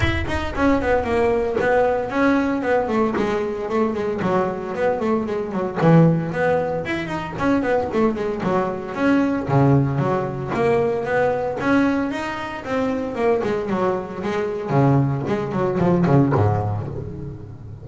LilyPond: \new Staff \with { instrumentName = "double bass" } { \time 4/4 \tempo 4 = 114 e'8 dis'8 cis'8 b8 ais4 b4 | cis'4 b8 a8 gis4 a8 gis8 | fis4 b8 a8 gis8 fis8 e4 | b4 e'8 dis'8 cis'8 b8 a8 gis8 |
fis4 cis'4 cis4 fis4 | ais4 b4 cis'4 dis'4 | c'4 ais8 gis8 fis4 gis4 | cis4 gis8 fis8 f8 cis8 gis,4 | }